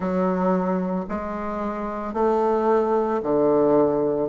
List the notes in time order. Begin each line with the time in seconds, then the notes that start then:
0.00 F#3
1.08 G#3
2.13 A3
3.22 D3